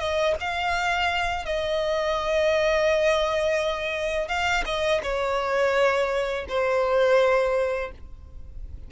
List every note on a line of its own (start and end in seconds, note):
0.00 0.36 D#5
0.41 1.46 F5
1.46 4.29 D#5
4.29 4.64 F5
4.66 5.02 D#5
5.04 6.46 C#5
6.49 7.92 C5